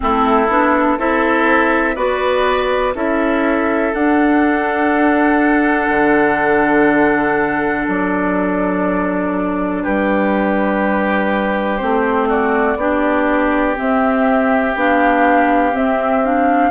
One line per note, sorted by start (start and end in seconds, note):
0.00 0.48 A3
0.00 0.48 C4
0.00 0.98 E4
0.00 0.99 A4
0.48 0.97 B3
0.48 0.98 D4
0.98 1.96 C4
0.98 1.96 E4
0.98 1.95 A4
0.98 1.95 E5
1.95 2.94 B3
1.95 2.94 F#4
1.95 2.93 B4
1.95 2.94 D5
2.94 3.93 C#4
2.94 3.93 E4
2.94 9.83 A4
2.94 3.93 E5
3.93 5.89 D4
3.93 11.79 D4
3.93 7.87 F#5
5.89 7.85 D3
7.87 9.84 F#3
7.87 9.83 D5
9.83 11.82 G3
9.83 12.28 G4
9.83 11.77 B4
11.77 12.76 A3
11.77 12.77 C4
11.77 12.26 C5
12.28 12.77 F#4
12.28 13.76 D5
12.76 13.74 B3
12.76 13.76 D4
12.76 16.70 G4
13.76 14.74 C4
13.76 14.75 C4
13.76 14.76 E5
14.75 15.73 B3
14.75 15.73 D4
14.75 15.76 F5
15.73 16.22 C4
15.73 16.70 C4
15.73 16.24 E5
16.24 16.70 D4
16.24 16.70 F5